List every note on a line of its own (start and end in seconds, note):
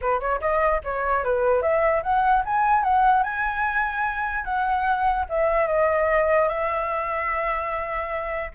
0.01 0.20 B4
0.20 0.40 C#5
0.40 0.81 D#5
0.83 1.24 C#5
1.24 1.62 B4
1.62 2.02 E5
2.03 2.43 F#5
2.45 2.83 G#5
2.83 3.23 F#5
3.23 4.44 G#5
4.44 5.25 F#5
5.29 5.67 E5
5.67 6.48 D#5
6.48 8.51 E5